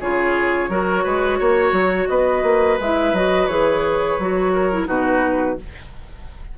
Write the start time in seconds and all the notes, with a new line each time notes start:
0.00 C#3 F4 G#4 C#5
0.69 F#3 F#4 A#4
1.03 G#3 B4
1.39 A#3 C#5
1.72 F#3
2.08 B3 B4 D#5
2.43 A#3
2.79 G#3 E4 E5
3.12 F#3 F#4 D#5
3.47 E3 G#4 C#5
4.18 F#3 F#4
4.52 A#4
4.72 E4
4.86 B2 D#4 F#4 B4